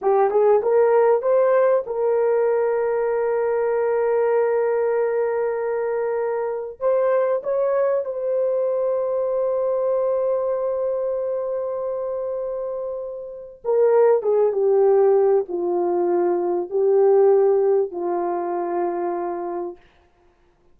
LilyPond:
\new Staff \with { instrumentName = "horn" } { \time 4/4 \tempo 4 = 97 g'8 gis'8 ais'4 c''4 ais'4~ | ais'1~ | ais'2. c''4 | cis''4 c''2.~ |
c''1~ | c''2 ais'4 gis'8 g'8~ | g'4 f'2 g'4~ | g'4 f'2. | }